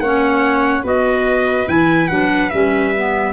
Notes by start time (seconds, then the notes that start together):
0.00 A#3 C#4 C#5 F#5
0.83 B3 F#4 B4 D#5
1.67 E3 E4 G#5
2.08 F#3 D4 F#5
2.50 G3 C#4 E5
2.97 B3